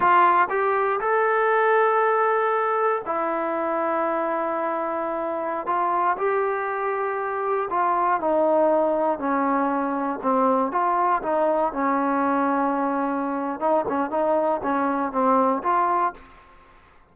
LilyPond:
\new Staff \with { instrumentName = "trombone" } { \time 4/4 \tempo 4 = 119 f'4 g'4 a'2~ | a'2 e'2~ | e'2.~ e'16 f'8.~ | f'16 g'2. f'8.~ |
f'16 dis'2 cis'4.~ cis'16~ | cis'16 c'4 f'4 dis'4 cis'8.~ | cis'2. dis'8 cis'8 | dis'4 cis'4 c'4 f'4 | }